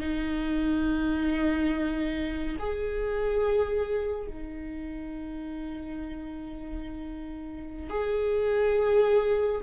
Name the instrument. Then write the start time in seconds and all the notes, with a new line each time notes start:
viola
0.00 D#4
2.59 G#4
4.28 D#4
7.90 G#4